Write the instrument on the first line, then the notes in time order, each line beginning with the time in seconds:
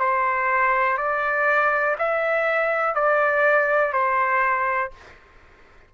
trumpet
0.00 C5
0.98 D5
1.99 E5
2.95 D5
3.93 C5